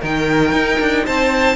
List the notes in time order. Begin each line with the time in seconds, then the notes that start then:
0.00 D#3 D#4 A#4 G5
0.52 D#4
0.80 D4
1.05 C4 C5 A5